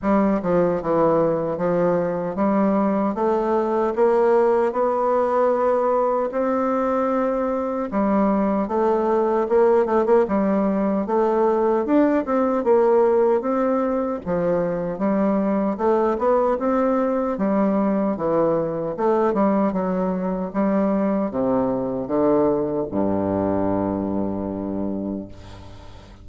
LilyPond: \new Staff \with { instrumentName = "bassoon" } { \time 4/4 \tempo 4 = 76 g8 f8 e4 f4 g4 | a4 ais4 b2 | c'2 g4 a4 | ais8 a16 ais16 g4 a4 d'8 c'8 |
ais4 c'4 f4 g4 | a8 b8 c'4 g4 e4 | a8 g8 fis4 g4 c4 | d4 g,2. | }